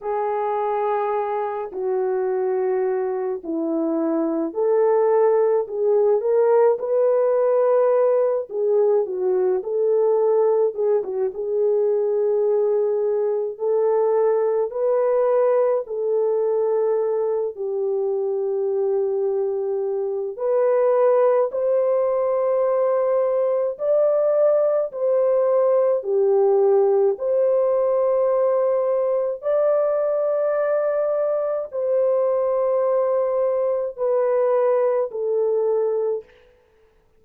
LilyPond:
\new Staff \with { instrumentName = "horn" } { \time 4/4 \tempo 4 = 53 gis'4. fis'4. e'4 | a'4 gis'8 ais'8 b'4. gis'8 | fis'8 a'4 gis'16 fis'16 gis'2 | a'4 b'4 a'4. g'8~ |
g'2 b'4 c''4~ | c''4 d''4 c''4 g'4 | c''2 d''2 | c''2 b'4 a'4 | }